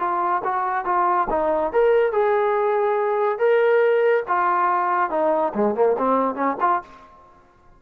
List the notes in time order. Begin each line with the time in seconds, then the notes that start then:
0.00 F4
0.45 F#4
0.86 F4
1.30 D#4
1.73 A#4
2.13 G#4
3.39 A#4
4.28 F4
5.11 D#4
5.55 G#3
5.75 A#3
5.99 C4
6.36 C#4
6.61 F4